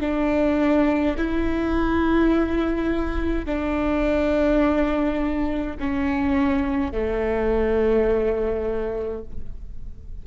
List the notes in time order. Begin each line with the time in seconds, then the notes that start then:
0.00 D4
1.17 E4
3.46 D4
5.80 C#4
6.92 A3